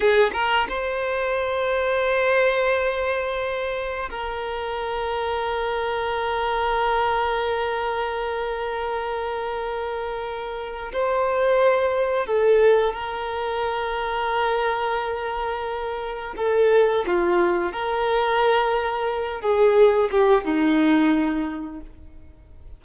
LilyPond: \new Staff \with { instrumentName = "violin" } { \time 4/4 \tempo 4 = 88 gis'8 ais'8 c''2.~ | c''2 ais'2~ | ais'1~ | ais'1 |
c''2 a'4 ais'4~ | ais'1 | a'4 f'4 ais'2~ | ais'8 gis'4 g'8 dis'2 | }